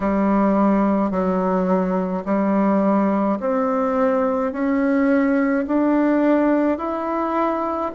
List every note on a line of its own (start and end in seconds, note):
0.00 1.10 G3
1.10 2.24 F#3
2.25 3.38 G3
3.40 4.52 C4
4.52 5.65 C#4
5.67 6.78 D4
6.78 7.91 E4